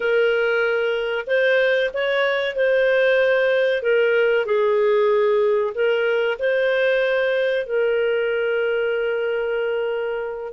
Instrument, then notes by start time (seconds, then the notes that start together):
clarinet
0.00 A#4
1.26 C5
1.93 C#5
2.55 C5
3.82 A#4
4.45 G#4
5.74 A#4
6.39 C5
7.66 A#4